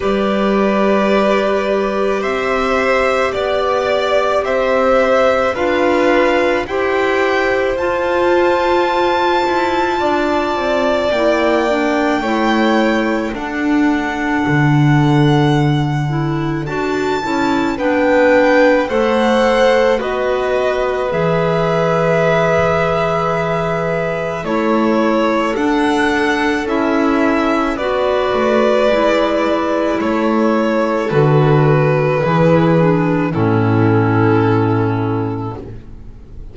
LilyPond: <<
  \new Staff \with { instrumentName = "violin" } { \time 4/4 \tempo 4 = 54 d''2 e''4 d''4 | e''4 f''4 g''4 a''4~ | a''2 g''2 | fis''2. a''4 |
g''4 fis''4 dis''4 e''4~ | e''2 cis''4 fis''4 | e''4 d''2 cis''4 | b'2 a'2 | }
  \new Staff \with { instrumentName = "violin" } { \time 4/4 b'2 c''4 d''4 | c''4 b'4 c''2~ | c''4 d''2 cis''4 | a'1 |
b'4 c''4 b'2~ | b'2 a'2~ | a'4 b'2 a'4~ | a'4 gis'4 e'2 | }
  \new Staff \with { instrumentName = "clarinet" } { \time 4/4 g'1~ | g'4 f'4 g'4 f'4~ | f'2 e'8 d'8 e'4 | d'2~ d'8 e'8 fis'8 e'8 |
d'4 a'4 fis'4 gis'4~ | gis'2 e'4 d'4 | e'4 fis'4 e'2 | fis'4 e'8 d'8 cis'2 | }
  \new Staff \with { instrumentName = "double bass" } { \time 4/4 g2 c'4 b4 | c'4 d'4 e'4 f'4~ | f'8 e'8 d'8 c'8 ais4 a4 | d'4 d2 d'8 cis'8 |
b4 a4 b4 e4~ | e2 a4 d'4 | cis'4 b8 a8 gis4 a4 | d4 e4 a,2 | }
>>